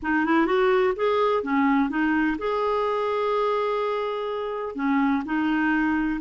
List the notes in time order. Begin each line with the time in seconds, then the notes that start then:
0.02 D#4
0.25 E4
0.46 F#4
0.96 G#4
1.43 C#4
1.89 D#4
2.38 G#4
4.75 C#4
5.25 D#4